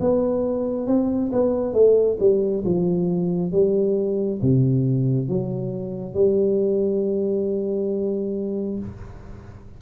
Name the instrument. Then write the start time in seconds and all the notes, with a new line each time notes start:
tuba
0.00 B3
0.87 C4
1.32 B3
1.73 A3
2.19 G3
2.65 F3
3.52 G3
4.42 C3
5.29 F#3
6.14 G3